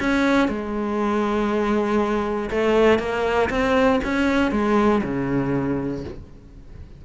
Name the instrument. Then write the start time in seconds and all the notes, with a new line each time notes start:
cello
0.00 C#4
0.48 G#3
2.50 A3
2.99 A#3
3.50 C4
4.04 C#4
4.52 G#3
5.04 C#3